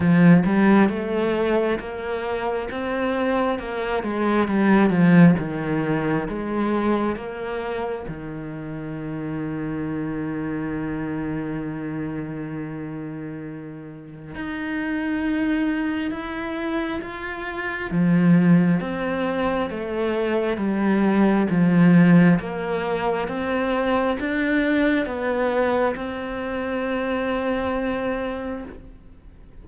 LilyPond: \new Staff \with { instrumentName = "cello" } { \time 4/4 \tempo 4 = 67 f8 g8 a4 ais4 c'4 | ais8 gis8 g8 f8 dis4 gis4 | ais4 dis2.~ | dis1 |
dis'2 e'4 f'4 | f4 c'4 a4 g4 | f4 ais4 c'4 d'4 | b4 c'2. | }